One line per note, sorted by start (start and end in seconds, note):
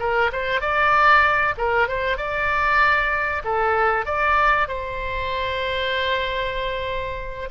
0.00 0.31 A#4
0.33 0.61 C5
0.61 1.55 D5
1.58 1.88 A#4
1.88 2.18 C5
2.18 3.43 D5
3.45 4.06 A4
4.06 4.68 D5
4.68 7.50 C5